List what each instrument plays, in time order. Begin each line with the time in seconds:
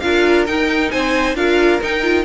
0.00 cello D4, viola F4, violin A#4 F5
0.47 viola D#4, cello D#4, violin G5
0.91 cello C4, violin C5 G#5
1.35 cello D4, viola F4, violin A#4 F5
1.81 viola D#4, cello D#4, violin G5
2.03 viola F4